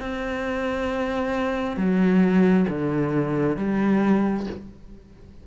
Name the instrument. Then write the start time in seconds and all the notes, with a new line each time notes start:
cello
0.00 C4
1.77 F#3
2.69 D3
3.57 G3